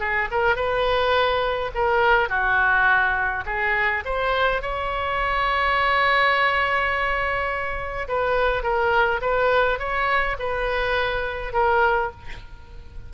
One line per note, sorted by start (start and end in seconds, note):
0.00 0.29 G#4
0.31 0.56 A#4
0.56 1.71 B4
1.75 2.29 A#4
2.29 3.44 F#4
3.46 4.04 G#4
4.05 4.62 C5
4.62 8.08 C#5
8.08 8.63 B4
8.63 9.20 A#4
9.21 9.79 B4
9.79 10.37 C#5
10.39 11.53 B4
11.53 12.11 A#4